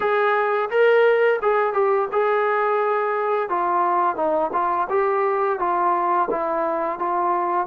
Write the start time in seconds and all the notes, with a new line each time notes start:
0.00 G#4
0.69 A#4
1.42 G#4
1.73 G4
2.12 G#4
3.49 F4
4.16 D#4
4.53 F4
4.89 G4
5.59 F4
6.30 E4
6.98 F4